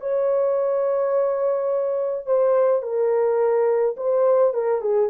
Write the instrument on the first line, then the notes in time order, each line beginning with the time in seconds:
horn
0.00 C#5
2.26 C5
2.83 A#4
3.97 C5
4.54 A#4
4.81 G#4